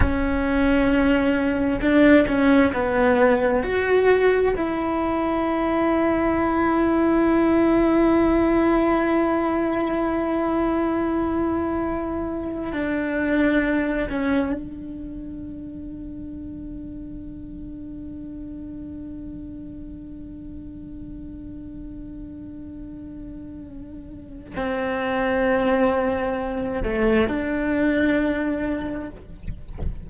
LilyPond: \new Staff \with { instrumentName = "cello" } { \time 4/4 \tempo 4 = 66 cis'2 d'8 cis'8 b4 | fis'4 e'2.~ | e'1~ | e'2 d'4. cis'8 |
d'1~ | d'1~ | d'2. c'4~ | c'4. a8 d'2 | }